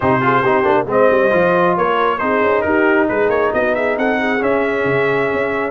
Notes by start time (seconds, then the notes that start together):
0.00 C3 D#4 G4 C5
0.21 F4 G#4
0.41 C4 D#4 G4
0.63 A#3 D4
0.85 G#3 C4 C5 D#5
1.10 G3
1.30 F3 F4
1.76 A#3 A#4 C#5
2.18 C4 D#4 G#4 C5
2.41 C#4
2.61 D#4 G4 A#4
3.08 G#3 G#4 B4
3.29 A#3 C#5
3.53 B3 F#4 D#5
3.74 G#4 E5
3.97 C4 A4 F#5
4.19 G#4
4.40 C#4 E5
4.84 C#3
5.33 C#4